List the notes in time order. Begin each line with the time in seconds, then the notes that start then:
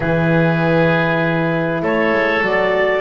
0.00 E3 E4 G#4 B4
1.82 A3 A4 C#5
2.12 G#3
2.41 F#3 F#4 D5